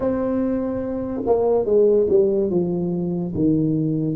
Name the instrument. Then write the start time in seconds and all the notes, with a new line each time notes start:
tuba
0.00 C4
1.25 A#3
1.65 G#3
2.09 G3
2.50 F3
3.34 D#3